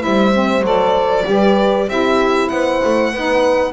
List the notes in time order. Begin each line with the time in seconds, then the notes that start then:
0.00 G3 E4 C5 E5
0.33 C4
0.62 F#3 A4 D5
1.25 G3 G4 B4
1.88 C4 E4 G4 E5
2.49 B3 C5 F#5
2.85 A3
3.12 B3 D#4 B4